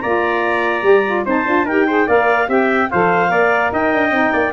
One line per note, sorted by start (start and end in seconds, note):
0.00 0.83 A#3
0.00 0.81 F4
0.00 1.25 D5
0.00 1.23 A#5
0.81 1.24 G3
0.81 1.02 G4
1.05 1.26 F4
1.25 1.45 C4
1.25 1.45 D#4
1.25 1.65 C5
1.25 1.68 A5
1.45 1.65 D4
1.45 1.65 F4
1.65 2.06 D#4
1.65 1.88 G4
1.65 1.86 A#4
1.65 2.08 G5
1.87 2.08 G#4
1.87 2.06 C5
2.06 2.48 A#3
2.06 2.46 A#4
2.06 2.47 D5
2.06 2.49 F5
2.46 2.89 C4
2.46 2.87 G4
2.46 2.90 E5
2.46 2.90 G5
2.90 3.30 F3
2.90 3.27 A4
2.90 3.31 C5
2.90 3.72 F5
3.27 3.71 A#3
3.27 4.09 A#4
3.27 3.72 D5
3.72 3.92 D#4
3.72 4.32 D#5
3.72 4.53 G5
3.93 4.11 D4
4.11 4.31 C4
4.11 4.52 D#4
4.32 4.53 A#3
4.32 4.52 D5